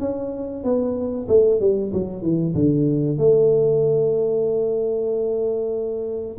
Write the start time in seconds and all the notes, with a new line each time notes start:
0.00 C#4
0.64 B3
1.28 A3
1.60 G3
1.93 F#3
2.22 E3
2.55 D3
3.18 A3